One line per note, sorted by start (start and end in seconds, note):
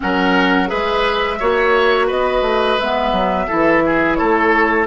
0.00 0.72 F#3
0.00 0.67 C#4
0.00 0.69 A#4
0.00 0.68 F#5
0.67 1.40 G#3
0.67 1.36 G#4
0.67 1.38 B4
0.67 2.08 E5
1.39 2.10 A#3
1.39 2.79 F#4
1.39 2.07 C#5
2.07 2.41 B3
2.07 3.46 B4
2.07 2.79 D#5
2.41 2.76 A3
2.79 3.12 G#3
2.79 3.48 B3
2.79 4.15 E5
3.12 3.47 F#3
3.47 4.20 E3
3.47 4.86 E4
3.47 3.82 A4
3.86 4.17 G#4
4.15 4.86 A3
4.15 4.86 A4
4.15 4.84 C#5